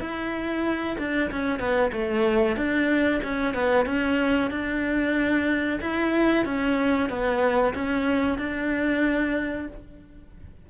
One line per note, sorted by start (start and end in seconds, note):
0.00 0.97 E4
0.98 1.30 D4
1.31 1.59 C#4
1.59 1.91 B3
1.92 2.56 A3
2.56 3.21 D4
3.23 3.54 C#4
3.54 3.86 B3
3.86 4.50 C#4
4.50 5.79 D4
5.81 6.45 E4
6.45 7.09 C#4
7.09 7.74 B3
7.74 8.38 C#4
8.38 9.67 D4